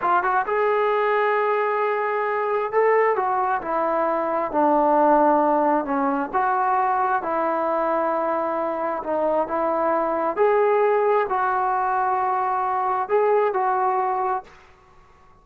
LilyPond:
\new Staff \with { instrumentName = "trombone" } { \time 4/4 \tempo 4 = 133 f'8 fis'8 gis'2.~ | gis'2 a'4 fis'4 | e'2 d'2~ | d'4 cis'4 fis'2 |
e'1 | dis'4 e'2 gis'4~ | gis'4 fis'2.~ | fis'4 gis'4 fis'2 | }